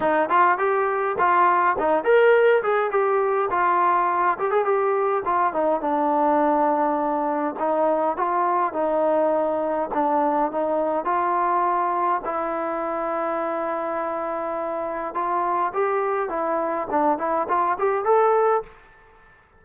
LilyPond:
\new Staff \with { instrumentName = "trombone" } { \time 4/4 \tempo 4 = 103 dis'8 f'8 g'4 f'4 dis'8 ais'8~ | ais'8 gis'8 g'4 f'4. g'16 gis'16 | g'4 f'8 dis'8 d'2~ | d'4 dis'4 f'4 dis'4~ |
dis'4 d'4 dis'4 f'4~ | f'4 e'2.~ | e'2 f'4 g'4 | e'4 d'8 e'8 f'8 g'8 a'4 | }